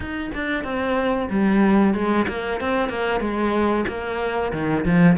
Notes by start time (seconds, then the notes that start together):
0.00 D#4
0.34 D4
0.64 C4
1.30 G3
1.94 G#3
2.28 A#3
2.60 C4
2.89 A#3
3.20 G#3
3.87 A#3
4.52 D#3
4.85 F3